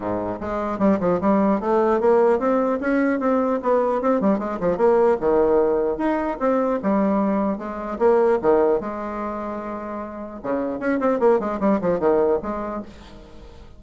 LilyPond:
\new Staff \with { instrumentName = "bassoon" } { \time 4/4 \tempo 4 = 150 gis,4 gis4 g8 f8 g4 | a4 ais4 c'4 cis'4 | c'4 b4 c'8 g8 gis8 f8 | ais4 dis2 dis'4 |
c'4 g2 gis4 | ais4 dis4 gis2~ | gis2 cis4 cis'8 c'8 | ais8 gis8 g8 f8 dis4 gis4 | }